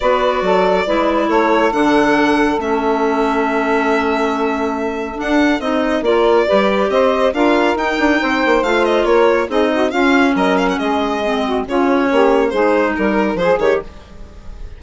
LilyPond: <<
  \new Staff \with { instrumentName = "violin" } { \time 4/4 \tempo 4 = 139 d''2. cis''4 | fis''2 e''2~ | e''1 | fis''4 dis''4 d''2 |
dis''4 f''4 g''2 | f''8 dis''8 cis''4 dis''4 f''4 | dis''8 f''16 fis''16 dis''2 cis''4~ | cis''4 c''4 ais'4 c''8 cis''8 | }
  \new Staff \with { instrumentName = "saxophone" } { \time 4/4 b'4 a'4 b'4 a'4~ | a'1~ | a'1~ | a'2 ais'4 b'4 |
c''4 ais'2 c''4~ | c''4 ais'4 gis'8 fis'8 f'4 | ais'4 gis'4. fis'8 f'4 | g'4 gis'4 ais'4 gis'4 | }
  \new Staff \with { instrumentName = "clarinet" } { \time 4/4 fis'2 e'2 | d'2 cis'2~ | cis'1 | d'4 dis'4 f'4 g'4~ |
g'4 f'4 dis'2 | f'2 dis'4 cis'4~ | cis'2 c'4 cis'4~ | cis'4 dis'2 gis'8 g'8 | }
  \new Staff \with { instrumentName = "bassoon" } { \time 4/4 b4 fis4 gis4 a4 | d2 a2~ | a1 | d'4 c'4 ais4 g4 |
c'4 d'4 dis'8 d'8 c'8 ais8 | a4 ais4 c'4 cis'4 | fis4 gis2 cis4 | ais4 gis4 g4 f8 dis8 | }
>>